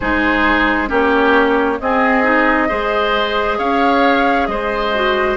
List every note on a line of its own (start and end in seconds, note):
0.00 0.90 G#3
0.00 0.87 D#4
0.00 0.89 G#4
0.00 0.90 C5
0.87 1.79 A#3
0.87 1.76 C#4
0.87 1.78 G4
0.87 1.80 C#5
1.80 2.69 C4
1.80 2.23 C4
1.80 2.68 G#4
1.80 3.59 D#5
2.23 2.68 D#4
2.68 3.58 G#3
2.68 4.92 G#4
2.68 3.58 C5
3.58 4.47 C#4
3.58 4.47 C#5
3.58 4.46 F5
4.46 5.36 G#3
4.46 5.36 C5
4.46 5.36 D#5
4.94 5.36 F#4